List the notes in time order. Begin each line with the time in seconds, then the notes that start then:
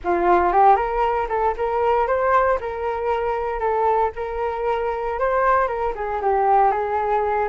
0.04 F4
0.52 G4
0.75 A#4
1.29 A4
1.57 A#4
2.07 C5
2.60 A#4
3.59 A4
4.15 A#4
5.19 C5
5.67 A#4
5.95 G#4
6.21 G4
6.71 G#4